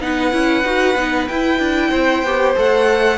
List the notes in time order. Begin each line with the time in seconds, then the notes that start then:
0.00 B3 D#4 B4 F#5
0.31 C#4 E4
0.64 D#4 F#4
0.95 B3 D#4
1.28 E4 G5
1.59 D4
1.90 C4 C5
2.23 B3 G4
2.55 A3 A4 F#5